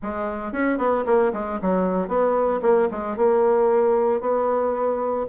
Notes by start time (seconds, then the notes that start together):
0.02 G#3
0.52 C#4
0.78 B3
1.06 A#3
1.33 G#3
1.61 F#3
2.07 B3
2.62 A#3
2.91 G#3
3.17 A#3
4.20 B3